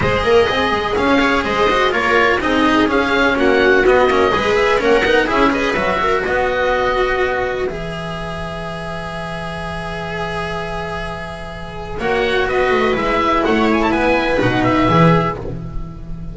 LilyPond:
<<
  \new Staff \with { instrumentName = "oboe" } { \time 4/4 \tempo 4 = 125 dis''2 f''4 dis''4 | cis''4 dis''4 f''4 fis''4 | dis''4. e''8 fis''4 e''8 dis''8 | e''4 dis''2. |
e''1~ | e''1~ | e''4 fis''4 dis''4 e''4 | fis''8 gis''16 a''16 gis''4 fis''8 e''4. | }
  \new Staff \with { instrumentName = "viola" } { \time 4/4 c''8 ais'8 gis'4. cis''8 c''4 | ais'4 gis'2 fis'4~ | fis'4 b'4 ais'4 gis'8 b'8~ | b'8 ais'8 b'2.~ |
b'1~ | b'1~ | b'4 cis''4 b'2 | cis''4 b'2. | }
  \new Staff \with { instrumentName = "cello" } { \time 4/4 gis'2~ gis'16 cis'16 gis'4 fis'8 | f'4 dis'4 cis'2 | b8 cis'8 gis'4 cis'8 dis'8 e'8 gis'8 | fis'1 |
gis'1~ | gis'1~ | gis'4 fis'2 e'4~ | e'2 dis'4 gis'4 | }
  \new Staff \with { instrumentName = "double bass" } { \time 4/4 gis8 ais8 c'8 gis8 cis'4 gis4 | ais4 c'4 cis'4 ais4 | b8 ais8 gis4 ais8 b8 cis'4 | fis4 b2. |
e1~ | e1~ | e4 ais4 b8 a8 gis4 | a4 b4 b,4 e4 | }
>>